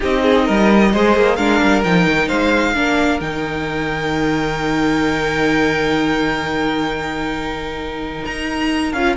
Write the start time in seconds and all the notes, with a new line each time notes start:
0.00 C4 D#4 G4 D#5
0.22 G#4
0.45 G3 A#4
0.93 G#3 G#4 C5
1.16 A#3
1.35 G#3 D4 A#4 F5
1.61 G3
1.83 F3 D#4 G5
2.06 D#3
2.27 G#3 C5 F5
2.74 A#3 D4 A#4
3.20 D#3 D#4 G5
8.24 D#4 A#5
8.92 C#4 F4 F5